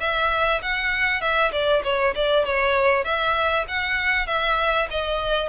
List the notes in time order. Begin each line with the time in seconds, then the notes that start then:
0.00 E5
0.62 F#5
1.21 E5
1.52 D5
1.83 C#5
2.15 D5
2.45 C#5
3.04 E5
3.68 F#5
4.27 E5
4.90 D#5